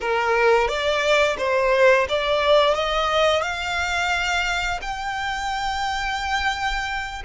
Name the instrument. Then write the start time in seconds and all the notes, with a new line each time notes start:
violin
0.01 A#4
0.67 D5
1.38 C5
2.08 D5
2.74 D#5
3.42 F5
4.81 G5